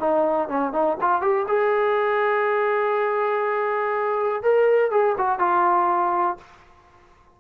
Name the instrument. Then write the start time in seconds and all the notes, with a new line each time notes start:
trombone
0.00 D#4
0.49 C#4
0.73 D#4
1.01 F4
1.22 G4
1.48 G#4
4.43 A#4
4.91 G#4
5.18 F#4
5.39 F4